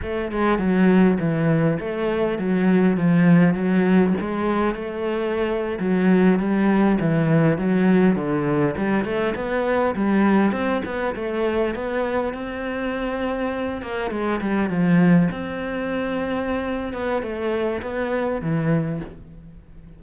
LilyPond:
\new Staff \with { instrumentName = "cello" } { \time 4/4 \tempo 4 = 101 a8 gis8 fis4 e4 a4 | fis4 f4 fis4 gis4 | a4.~ a16 fis4 g4 e16~ | e8. fis4 d4 g8 a8 b16~ |
b8. g4 c'8 b8 a4 b16~ | b8. c'2~ c'8 ais8 gis16~ | gis16 g8 f4 c'2~ c'16~ | c'8 b8 a4 b4 e4 | }